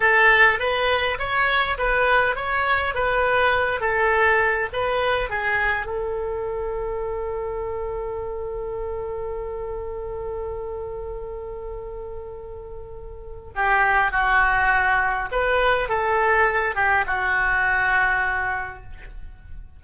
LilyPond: \new Staff \with { instrumentName = "oboe" } { \time 4/4 \tempo 4 = 102 a'4 b'4 cis''4 b'4 | cis''4 b'4. a'4. | b'4 gis'4 a'2~ | a'1~ |
a'1~ | a'2. g'4 | fis'2 b'4 a'4~ | a'8 g'8 fis'2. | }